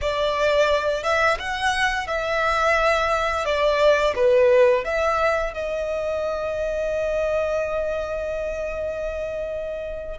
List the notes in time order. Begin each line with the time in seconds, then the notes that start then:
0.01 D5
1.03 E5
1.39 F#5
2.07 E5
3.45 D5
4.15 B4
4.84 E5
5.53 D#5